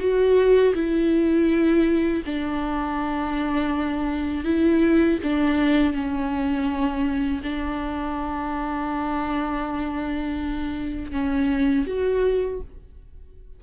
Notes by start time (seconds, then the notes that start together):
0.00 F#4
0.75 E4
2.26 D4
4.45 E4
5.24 D4
5.94 C#4
7.44 D4
11.12 C#4
11.87 F#4